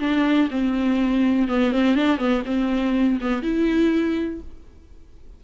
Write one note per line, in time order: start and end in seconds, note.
0.00 0.49 D4
0.51 1.48 C4
1.48 1.73 B3
1.73 1.96 C4
1.96 2.18 D4
2.18 2.43 B3
2.46 3.20 C4
3.21 3.43 B3
3.43 4.41 E4